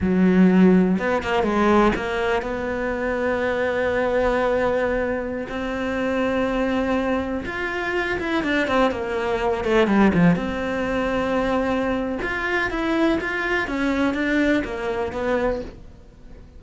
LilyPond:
\new Staff \with { instrumentName = "cello" } { \time 4/4 \tempo 4 = 123 fis2 b8 ais8 gis4 | ais4 b2.~ | b2.~ b16 c'8.~ | c'2.~ c'16 f'8.~ |
f'8. e'8 d'8 c'8 ais4. a16~ | a16 g8 f8 c'2~ c'8.~ | c'4 f'4 e'4 f'4 | cis'4 d'4 ais4 b4 | }